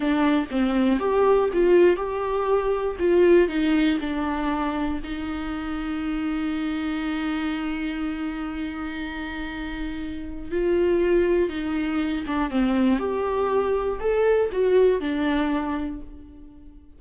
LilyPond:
\new Staff \with { instrumentName = "viola" } { \time 4/4 \tempo 4 = 120 d'4 c'4 g'4 f'4 | g'2 f'4 dis'4 | d'2 dis'2~ | dis'1~ |
dis'1~ | dis'4 f'2 dis'4~ | dis'8 d'8 c'4 g'2 | a'4 fis'4 d'2 | }